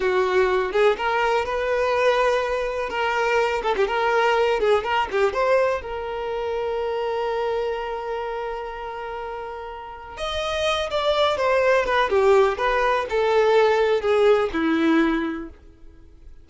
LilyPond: \new Staff \with { instrumentName = "violin" } { \time 4/4 \tempo 4 = 124 fis'4. gis'8 ais'4 b'4~ | b'2 ais'4. a'16 g'16 | ais'4. gis'8 ais'8 g'8 c''4 | ais'1~ |
ais'1~ | ais'4 dis''4. d''4 c''8~ | c''8 b'8 g'4 b'4 a'4~ | a'4 gis'4 e'2 | }